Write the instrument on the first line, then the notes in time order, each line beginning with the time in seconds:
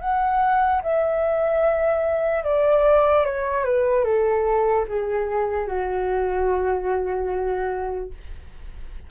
flute
0.00 F#5
0.82 E5
2.44 D5
3.25 C#5
3.64 B4
4.04 A4
4.88 G#4
5.67 F#4